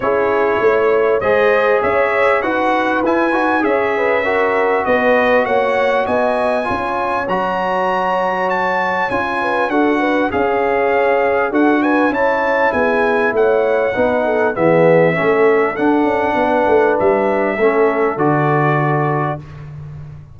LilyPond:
<<
  \new Staff \with { instrumentName = "trumpet" } { \time 4/4 \tempo 4 = 99 cis''2 dis''4 e''4 | fis''4 gis''4 e''2 | dis''4 fis''4 gis''2 | ais''2 a''4 gis''4 |
fis''4 f''2 fis''8 gis''8 | a''4 gis''4 fis''2 | e''2 fis''2 | e''2 d''2 | }
  \new Staff \with { instrumentName = "horn" } { \time 4/4 gis'4 cis''4 c''4 cis''4 | b'2 cis''8 b'8 ais'4 | b'4 cis''4 dis''4 cis''4~ | cis''2.~ cis''8 b'8 |
a'8 b'8 cis''2 a'8 b'8 | cis''4 gis'4 cis''4 b'8 a'8 | gis'4 a'2 b'4~ | b'4 a'2. | }
  \new Staff \with { instrumentName = "trombone" } { \time 4/4 e'2 gis'2 | fis'4 e'8 fis'8 gis'4 fis'4~ | fis'2. f'4 | fis'2. f'4 |
fis'4 gis'2 fis'4 | e'2. dis'4 | b4 cis'4 d'2~ | d'4 cis'4 fis'2 | }
  \new Staff \with { instrumentName = "tuba" } { \time 4/4 cis'4 a4 gis4 cis'4 | dis'4 e'8 dis'8 cis'2 | b4 ais4 b4 cis'4 | fis2. cis'4 |
d'4 cis'2 d'4 | cis'4 b4 a4 b4 | e4 a4 d'8 cis'8 b8 a8 | g4 a4 d2 | }
>>